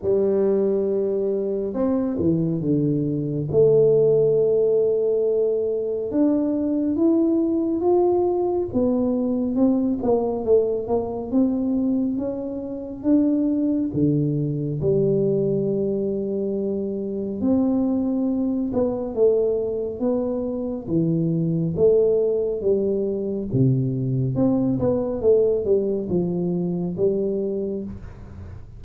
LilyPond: \new Staff \with { instrumentName = "tuba" } { \time 4/4 \tempo 4 = 69 g2 c'8 e8 d4 | a2. d'4 | e'4 f'4 b4 c'8 ais8 | a8 ais8 c'4 cis'4 d'4 |
d4 g2. | c'4. b8 a4 b4 | e4 a4 g4 c4 | c'8 b8 a8 g8 f4 g4 | }